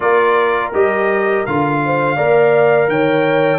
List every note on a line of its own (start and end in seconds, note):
0.00 0.73 A#3
0.00 0.72 F4
0.00 1.81 A#4
0.00 0.72 D5
0.73 1.46 G3
0.73 1.46 G4
0.73 1.45 D#5
1.45 2.18 D3
1.45 2.17 F4
1.45 2.89 F5
1.85 2.16 C5
2.16 2.87 A#3
2.16 3.59 A#4
2.16 2.88 D5
2.87 3.59 D#3
2.87 3.59 C#5
2.87 3.59 G5